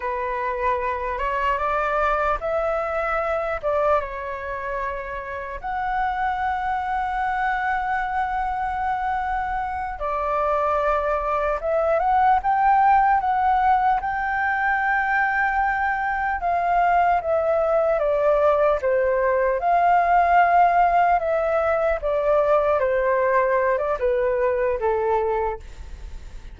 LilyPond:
\new Staff \with { instrumentName = "flute" } { \time 4/4 \tempo 4 = 75 b'4. cis''8 d''4 e''4~ | e''8 d''8 cis''2 fis''4~ | fis''1~ | fis''8 d''2 e''8 fis''8 g''8~ |
g''8 fis''4 g''2~ g''8~ | g''8 f''4 e''4 d''4 c''8~ | c''8 f''2 e''4 d''8~ | d''8 c''4~ c''16 d''16 b'4 a'4 | }